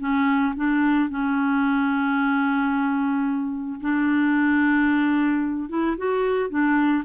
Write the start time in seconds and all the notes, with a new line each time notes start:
0.00 C#4
0.56 D4
1.10 C#4
3.81 D4
5.70 E4
5.97 F#4
6.50 D4